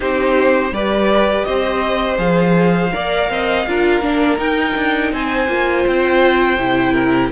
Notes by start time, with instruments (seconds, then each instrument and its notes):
0.00 cello C4, viola D#4, violin G4 C5
0.71 cello G3, viola G4, violin B4 D5
1.44 cello C4, violin C5 D#5
2.17 cello F3, viola G#4, violin F5
2.92 cello A#3, viola A#4, violin D5
3.29 cello C4, violin D#5
3.67 cello D4, viola F4, violin A#4
4.01 cello A#3, viola D4
4.37 viola D#4, cello D#4, violin G5
4.75 cello D4
5.11 cello C4, violin C5 G#5
5.48 cello A#3, viola F4
5.86 cello C4, violin G5
6.57 cello C3, viola E4
6.92 violin A#4